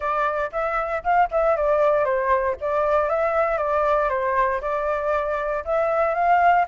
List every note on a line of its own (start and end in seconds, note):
0.00 0.50 D5
0.52 1.03 E5
1.03 1.29 F5
1.31 1.56 E5
1.56 2.04 D5
2.04 2.55 C5
2.61 3.09 D5
3.09 3.57 E5
3.57 4.09 D5
4.09 4.60 C5
4.61 5.63 D5
5.64 6.14 E5
6.14 6.65 F5